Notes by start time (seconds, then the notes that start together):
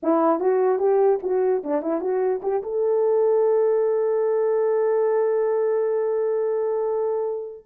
0.02 E4
0.40 F#4
0.78 G4
1.23 F#4
1.63 D4
1.81 E4
2.00 F#4
2.42 G4
2.62 A4